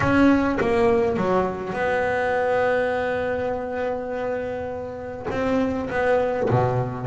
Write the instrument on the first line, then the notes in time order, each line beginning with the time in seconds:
double bass
0.00 C#4
0.60 A#3
1.16 F#3
1.73 B3
5.30 C4
5.90 B3
6.50 B2